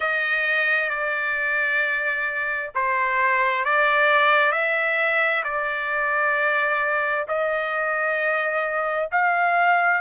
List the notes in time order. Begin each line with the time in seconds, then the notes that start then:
0.00 D#5
0.89 D5
2.74 C5
3.64 D5
4.52 E5
5.44 D5
7.27 D#5
9.12 F5